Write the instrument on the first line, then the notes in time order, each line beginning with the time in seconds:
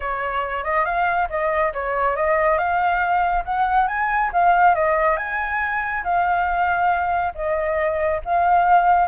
flute
0.00 C#5
0.64 D#5
0.85 F5
1.29 D#5
1.73 C#5
2.16 D#5
2.57 F5
3.44 F#5
3.87 G#5
4.32 F5
4.75 D#5
5.16 G#5
6.03 F5
7.34 D#5
8.24 F5